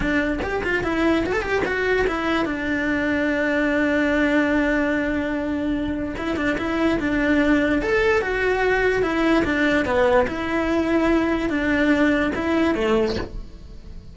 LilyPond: \new Staff \with { instrumentName = "cello" } { \time 4/4 \tempo 4 = 146 d'4 g'8 f'8 e'4 fis'16 a'16 g'8 | fis'4 e'4 d'2~ | d'1~ | d'2. e'8 d'8 |
e'4 d'2 a'4 | fis'2 e'4 d'4 | b4 e'2. | d'2 e'4 a4 | }